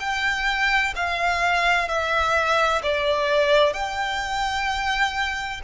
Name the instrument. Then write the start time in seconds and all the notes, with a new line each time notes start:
violin
0.00 G5
0.96 F5
1.88 E5
2.83 D5
3.73 G5